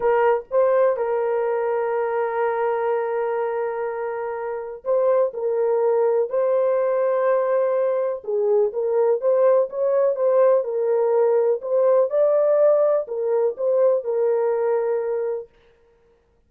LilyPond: \new Staff \with { instrumentName = "horn" } { \time 4/4 \tempo 4 = 124 ais'4 c''4 ais'2~ | ais'1~ | ais'2 c''4 ais'4~ | ais'4 c''2.~ |
c''4 gis'4 ais'4 c''4 | cis''4 c''4 ais'2 | c''4 d''2 ais'4 | c''4 ais'2. | }